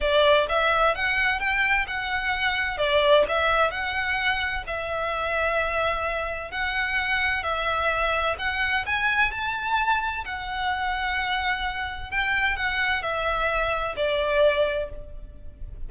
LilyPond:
\new Staff \with { instrumentName = "violin" } { \time 4/4 \tempo 4 = 129 d''4 e''4 fis''4 g''4 | fis''2 d''4 e''4 | fis''2 e''2~ | e''2 fis''2 |
e''2 fis''4 gis''4 | a''2 fis''2~ | fis''2 g''4 fis''4 | e''2 d''2 | }